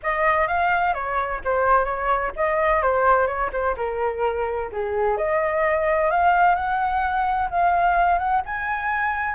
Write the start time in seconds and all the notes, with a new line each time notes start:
0.03 D#5
0.47 F5
0.94 C#5
1.44 C5
1.84 C#5
2.36 D#5
2.82 C5
3.26 C#5
3.52 C5
3.76 A#4
4.72 G#4
5.17 D#5
6.10 F5
6.55 F#5
7.50 F5
8.18 F#5
8.45 G#5